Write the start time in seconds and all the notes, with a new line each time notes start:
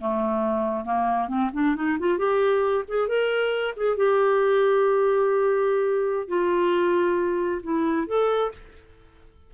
0.00 A3
0.84 A#3
1.28 C4
1.53 D4
1.75 D#4
1.99 F4
2.18 G4
2.88 G#4
3.08 A#4
3.76 G#4
3.97 G4
6.28 F4
7.62 E4
8.07 A4